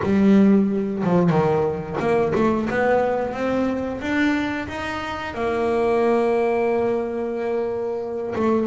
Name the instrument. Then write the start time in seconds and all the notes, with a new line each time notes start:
double bass
0.02 G3
1.03 F3
1.30 D#3
1.99 A#3
2.35 A3
2.70 B3
3.33 C4
4.01 D4
4.68 D#4
5.34 A#3
8.35 A3